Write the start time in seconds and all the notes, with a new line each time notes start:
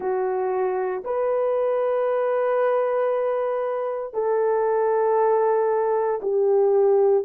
0.00 F#4
1.04 B4
4.13 A4
6.22 G4